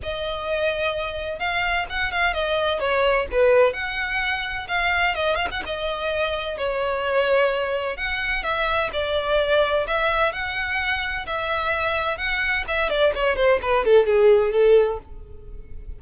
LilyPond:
\new Staff \with { instrumentName = "violin" } { \time 4/4 \tempo 4 = 128 dis''2. f''4 | fis''8 f''8 dis''4 cis''4 b'4 | fis''2 f''4 dis''8 f''16 fis''16 | dis''2 cis''2~ |
cis''4 fis''4 e''4 d''4~ | d''4 e''4 fis''2 | e''2 fis''4 e''8 d''8 | cis''8 c''8 b'8 a'8 gis'4 a'4 | }